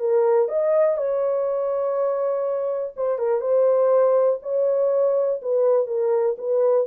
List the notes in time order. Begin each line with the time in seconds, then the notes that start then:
0.00 A#4
0.49 D#5
0.98 C#5
2.97 C5
3.19 A#4
3.41 C5
4.43 C#5
5.43 B4
5.87 A#4
6.38 B4